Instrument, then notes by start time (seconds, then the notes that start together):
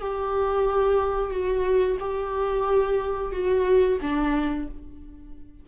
viola
0.00 G4
1.31 F#4
2.00 G4
3.32 F#4
4.02 D4